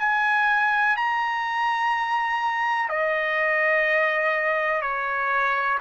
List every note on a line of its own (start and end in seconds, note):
0.00 0.97 G#5
0.97 2.89 A#5
2.89 4.82 D#5
4.82 5.79 C#5